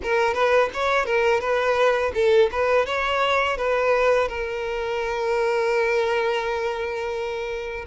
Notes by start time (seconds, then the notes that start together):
0.02 A#4
0.33 B4
0.73 C#5
1.05 A#4
1.40 B4
2.14 A4
2.51 B4
2.86 C#5
3.57 B4
4.28 A#4